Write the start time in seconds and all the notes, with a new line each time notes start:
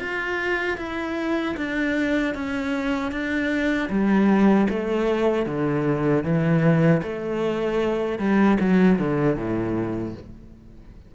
0.00 F4
0.78 E4
1.57 D4
2.35 C#4
3.12 D4
3.90 G3
4.70 A3
5.47 D3
6.24 E3
7.03 A3
8.19 G3
8.60 F#3
8.99 D3
9.36 A2